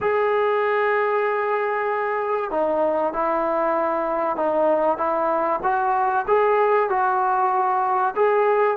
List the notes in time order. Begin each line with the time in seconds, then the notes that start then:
0.00 G#4
2.50 D#4
3.13 E4
4.36 D#4
4.97 E4
5.62 F#4
6.27 G#4
6.89 F#4
8.15 G#4